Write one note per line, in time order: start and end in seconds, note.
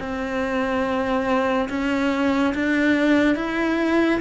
0.00 1.69 C4
1.70 2.54 C#4
2.55 3.36 D4
3.36 4.21 E4